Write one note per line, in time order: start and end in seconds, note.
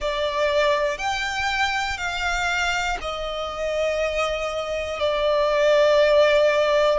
0.00 0.97 D5
0.97 1.97 G5
1.97 2.97 F5
3.01 5.00 D#5
5.00 6.99 D5